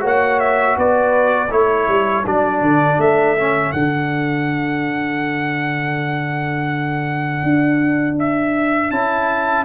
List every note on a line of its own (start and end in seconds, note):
0.00 0.77 A#3
0.00 1.48 F#4
0.00 0.76 C#5
0.06 0.40 F#5
0.40 0.77 E5
0.77 1.51 B3
0.77 1.50 B4
0.77 1.51 D5
1.50 1.88 A3
1.50 2.25 E4
1.50 9.65 A4
1.50 2.25 C#5
1.88 2.25 G3
2.26 2.61 F#3
2.26 3.37 D4
2.26 3.00 D5
2.61 2.97 D3
2.97 3.71 A3
2.97 3.72 E5
3.37 3.74 C#4
3.72 7.43 D3
3.72 8.92 D4
3.72 8.16 F#5
7.43 8.91 D4
8.19 8.91 E5
8.91 9.65 C#4
8.91 9.65 E4
8.91 9.65 A5